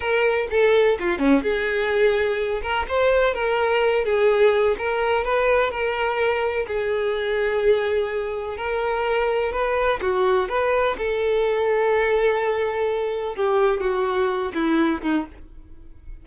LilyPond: \new Staff \with { instrumentName = "violin" } { \time 4/4 \tempo 4 = 126 ais'4 a'4 f'8 cis'8 gis'4~ | gis'4. ais'8 c''4 ais'4~ | ais'8 gis'4. ais'4 b'4 | ais'2 gis'2~ |
gis'2 ais'2 | b'4 fis'4 b'4 a'4~ | a'1 | g'4 fis'4. e'4 dis'8 | }